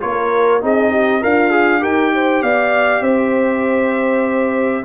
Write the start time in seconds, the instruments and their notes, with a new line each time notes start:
0.00 tuba A#3, trombone F4, horn A#4, trumpet C#5
0.61 tuba C4, trombone D#4, horn G#4, trumpet D#5
0.91 horn G4
1.21 tuba D4, horn F4, trombone A#4, trumpet F5
1.51 trombone G#4
1.80 tuba D#4, trombone G4, horn A#4, trumpet G5
2.14 horn C5
2.42 tuba B3, horn D5, trumpet F5
3.01 tuba C4, horn C5, trumpet E5